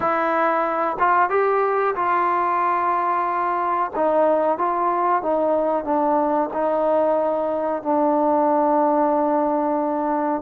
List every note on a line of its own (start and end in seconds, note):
0.00 0.97 E4
0.99 1.29 F4
1.29 1.94 G4
1.95 3.91 F4
3.95 4.58 D#4
4.58 5.22 F4
5.22 5.84 D#4
5.84 6.49 D4
6.53 7.82 D#4
7.82 10.42 D4